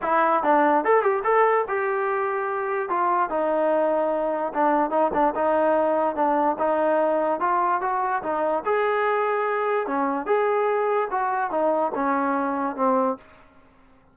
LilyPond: \new Staff \with { instrumentName = "trombone" } { \time 4/4 \tempo 4 = 146 e'4 d'4 a'8 g'8 a'4 | g'2. f'4 | dis'2. d'4 | dis'8 d'8 dis'2 d'4 |
dis'2 f'4 fis'4 | dis'4 gis'2. | cis'4 gis'2 fis'4 | dis'4 cis'2 c'4 | }